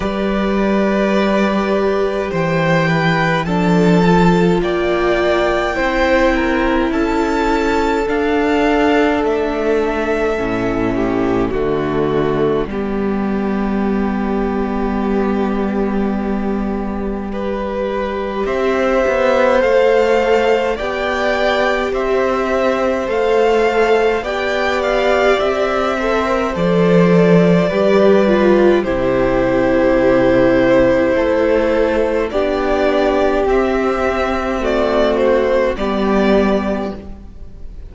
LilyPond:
<<
  \new Staff \with { instrumentName = "violin" } { \time 4/4 \tempo 4 = 52 d''2 g''4 a''4 | g''2 a''4 f''4 | e''2 d''2~ | d''1 |
e''4 f''4 g''4 e''4 | f''4 g''8 f''8 e''4 d''4~ | d''4 c''2. | d''4 e''4 d''8 c''8 d''4 | }
  \new Staff \with { instrumentName = "violin" } { \time 4/4 b'2 c''8 b'8 a'4 | d''4 c''8 ais'8 a'2~ | a'4. g'8 fis'4 g'4~ | g'2. b'4 |
c''2 d''4 c''4~ | c''4 d''4. c''4. | b'4 g'2 a'4 | g'2 fis'4 g'4 | }
  \new Staff \with { instrumentName = "viola" } { \time 4/4 g'2. d'8 f'8~ | f'4 e'2 d'4~ | d'4 cis'4 a4 b4~ | b2. g'4~ |
g'4 a'4 g'2 | a'4 g'4. a'16 ais'16 a'4 | g'8 f'8 e'2. | d'4 c'4 a4 b4 | }
  \new Staff \with { instrumentName = "cello" } { \time 4/4 g2 e4 f4 | ais4 c'4 cis'4 d'4 | a4 a,4 d4 g4~ | g1 |
c'8 b8 a4 b4 c'4 | a4 b4 c'4 f4 | g4 c2 a4 | b4 c'2 g4 | }
>>